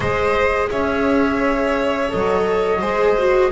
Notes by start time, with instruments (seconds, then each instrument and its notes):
0.00 double bass G#3, viola G#4, violin C5, flute D#5
0.70 double bass C#4, violin C#5, flute E5
2.09 double bass F#3, viola A4, flute D#5
2.80 double bass G#3, viola G#4, violin C5
3.18 viola F#4